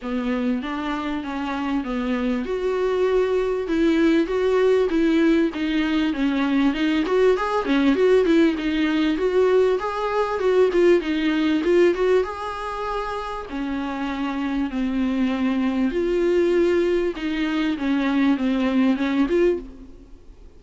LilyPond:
\new Staff \with { instrumentName = "viola" } { \time 4/4 \tempo 4 = 98 b4 d'4 cis'4 b4 | fis'2 e'4 fis'4 | e'4 dis'4 cis'4 dis'8 fis'8 | gis'8 cis'8 fis'8 e'8 dis'4 fis'4 |
gis'4 fis'8 f'8 dis'4 f'8 fis'8 | gis'2 cis'2 | c'2 f'2 | dis'4 cis'4 c'4 cis'8 f'8 | }